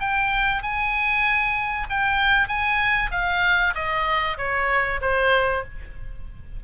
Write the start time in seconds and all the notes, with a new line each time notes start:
0.00 G5
0.62 G#5
1.90 G5
2.48 G#5
3.11 F5
3.75 D#5
4.38 C#5
5.01 C5